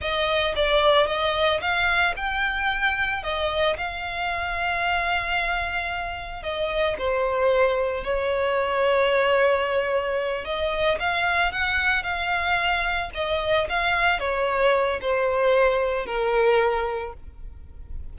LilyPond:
\new Staff \with { instrumentName = "violin" } { \time 4/4 \tempo 4 = 112 dis''4 d''4 dis''4 f''4 | g''2 dis''4 f''4~ | f''1 | dis''4 c''2 cis''4~ |
cis''2.~ cis''8 dis''8~ | dis''8 f''4 fis''4 f''4.~ | f''8 dis''4 f''4 cis''4. | c''2 ais'2 | }